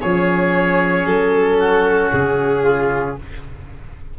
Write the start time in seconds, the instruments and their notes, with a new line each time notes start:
0.00 tuba F3, trombone C#4, oboe G#4, violin C#5
1.05 tuba F#3, violin A4
1.60 oboe F#4
2.12 tuba C#3, violin G#4
2.63 oboe F4